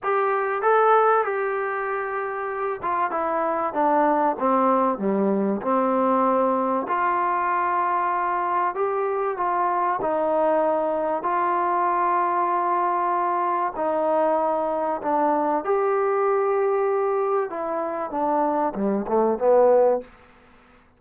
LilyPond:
\new Staff \with { instrumentName = "trombone" } { \time 4/4 \tempo 4 = 96 g'4 a'4 g'2~ | g'8 f'8 e'4 d'4 c'4 | g4 c'2 f'4~ | f'2 g'4 f'4 |
dis'2 f'2~ | f'2 dis'2 | d'4 g'2. | e'4 d'4 g8 a8 b4 | }